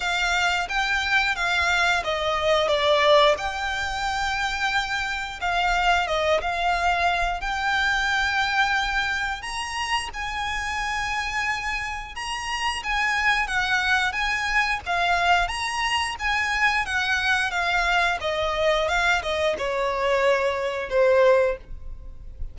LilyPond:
\new Staff \with { instrumentName = "violin" } { \time 4/4 \tempo 4 = 89 f''4 g''4 f''4 dis''4 | d''4 g''2. | f''4 dis''8 f''4. g''4~ | g''2 ais''4 gis''4~ |
gis''2 ais''4 gis''4 | fis''4 gis''4 f''4 ais''4 | gis''4 fis''4 f''4 dis''4 | f''8 dis''8 cis''2 c''4 | }